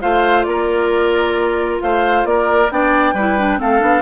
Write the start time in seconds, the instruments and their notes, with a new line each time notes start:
0.00 bassoon A3, clarinet F4, oboe C5, flute F5
0.43 bassoon A#3, oboe A#4, flute D5
1.81 bassoon A3, oboe C5, flute F5
2.24 bassoon A#3, oboe A#4, flute D5
2.69 bassoon B3, clarinet D4, oboe D5, flute G5
3.13 bassoon G3, clarinet E4, oboe B4
3.38 clarinet D4
3.58 bassoon A3, clarinet C4, oboe A4, flute F5
3.79 bassoon B3, clarinet D4